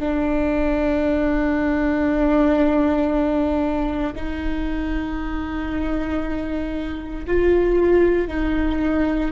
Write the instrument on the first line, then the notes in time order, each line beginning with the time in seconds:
viola
0.00 D4
4.16 D#4
7.27 F4
8.29 D#4